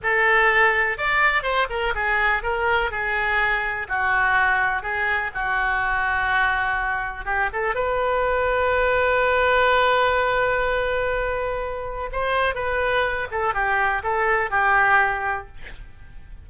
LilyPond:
\new Staff \with { instrumentName = "oboe" } { \time 4/4 \tempo 4 = 124 a'2 d''4 c''8 ais'8 | gis'4 ais'4 gis'2 | fis'2 gis'4 fis'4~ | fis'2. g'8 a'8 |
b'1~ | b'1~ | b'4 c''4 b'4. a'8 | g'4 a'4 g'2 | }